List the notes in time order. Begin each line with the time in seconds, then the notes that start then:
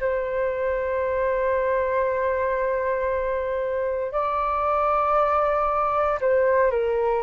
0.00 C5
4.12 D5
6.21 C5
6.71 A#4